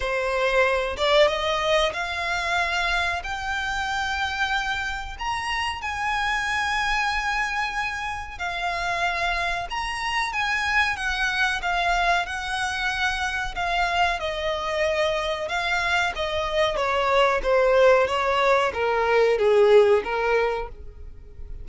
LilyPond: \new Staff \with { instrumentName = "violin" } { \time 4/4 \tempo 4 = 93 c''4. d''8 dis''4 f''4~ | f''4 g''2. | ais''4 gis''2.~ | gis''4 f''2 ais''4 |
gis''4 fis''4 f''4 fis''4~ | fis''4 f''4 dis''2 | f''4 dis''4 cis''4 c''4 | cis''4 ais'4 gis'4 ais'4 | }